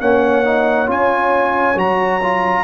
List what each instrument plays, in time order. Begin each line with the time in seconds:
0.00 tuba A#3, trombone C#4, horn C#5, trumpet F#5
0.44 trombone D#4
0.86 tuba C#4, trombone F4, trumpet G#5
1.75 tuba F#3, trombone F#4, trumpet A#5
2.22 trombone F4